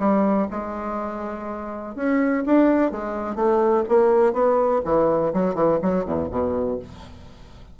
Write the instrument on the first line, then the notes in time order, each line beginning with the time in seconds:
bassoon
0.00 G3
0.51 G#3
1.96 C#4
2.47 D4
2.92 G#3
3.36 A3
3.89 A#3
4.33 B3
4.85 E3
5.34 F#3
5.55 E3
5.83 F#3
6.05 E2
6.31 B2